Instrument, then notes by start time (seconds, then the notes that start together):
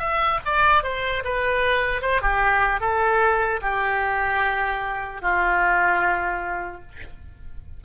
oboe
0.00 E5
0.45 D5
0.83 C5
1.24 B4
2.01 C5
2.22 G4
2.81 A4
3.62 G4
5.22 F4